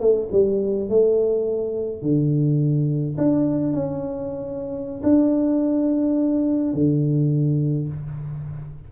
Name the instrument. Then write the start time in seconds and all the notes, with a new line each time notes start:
tuba
0.00 A3
0.32 G3
0.89 A3
2.02 D3
3.18 D4
3.73 C#4
5.03 D4
6.74 D3